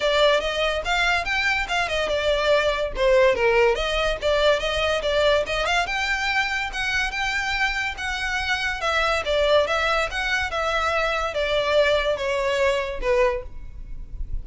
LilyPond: \new Staff \with { instrumentName = "violin" } { \time 4/4 \tempo 4 = 143 d''4 dis''4 f''4 g''4 | f''8 dis''8 d''2 c''4 | ais'4 dis''4 d''4 dis''4 | d''4 dis''8 f''8 g''2 |
fis''4 g''2 fis''4~ | fis''4 e''4 d''4 e''4 | fis''4 e''2 d''4~ | d''4 cis''2 b'4 | }